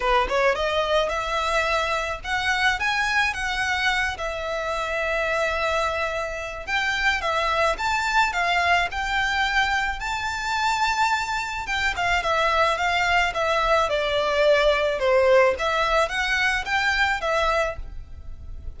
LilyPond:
\new Staff \with { instrumentName = "violin" } { \time 4/4 \tempo 4 = 108 b'8 cis''8 dis''4 e''2 | fis''4 gis''4 fis''4. e''8~ | e''1 | g''4 e''4 a''4 f''4 |
g''2 a''2~ | a''4 g''8 f''8 e''4 f''4 | e''4 d''2 c''4 | e''4 fis''4 g''4 e''4 | }